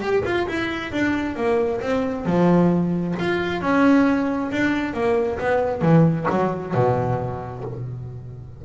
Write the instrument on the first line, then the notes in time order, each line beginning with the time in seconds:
double bass
0.00 G4
0.24 F4
0.47 E4
0.92 D4
1.36 A#3
1.81 C4
2.25 F3
3.19 F4
3.61 C#4
4.51 D4
4.93 A#3
5.39 B3
5.81 E3
6.30 F#3
6.74 B2